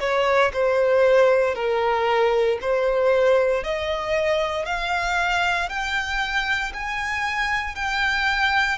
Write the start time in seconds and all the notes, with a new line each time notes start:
0.00 C#5
0.53 C5
1.55 A#4
2.61 C5
3.64 D#5
4.66 F5
5.69 G5
6.73 G#5
7.75 G5